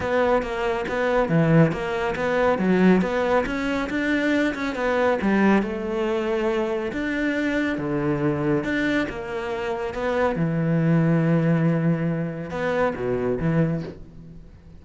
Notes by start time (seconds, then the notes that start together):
0.00 B3
0.42 A#3
0.88 B3
1.28 E3
1.71 A#3
2.15 B3
2.58 F#3
3.01 B3
3.46 C#4
3.89 D4
4.54 C#4
4.75 B3
5.21 G3
5.62 A3
6.92 D4
7.78 D3
8.64 D4
9.09 A#3
9.93 B3
10.35 E3
12.50 B3
12.95 B2
13.39 E3